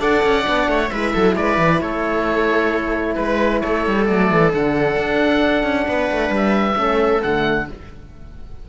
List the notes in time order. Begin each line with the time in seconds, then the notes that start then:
0.00 D4 A4 D5 F#5
0.23 C#4
0.43 B3 D4
0.68 A3 C#5
0.90 G#3 E4 B4 E5
1.14 F#3 A4
1.36 G#3 B4 D5
1.58 E3
1.81 A3 A4 C#5
3.15 G#3 B4
3.60 A3 A4 C#5
3.87 G3
4.06 F#3 A3 D5
4.31 E3
4.52 D3 D4 F#5
4.97 D4
5.64 C#4
5.88 B3 B4
6.11 A3
6.30 G3
6.36 E5
6.76 A3 C#4 A4
7.23 D3 A3 F#5